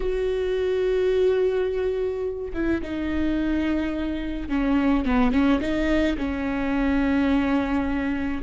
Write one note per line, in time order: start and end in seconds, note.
0.00 2.52 F#4
2.53 2.81 E4
2.82 4.49 D#4
4.49 5.05 C#4
5.05 5.32 B3
5.32 5.60 C#4
5.60 6.16 D#4
6.17 8.41 C#4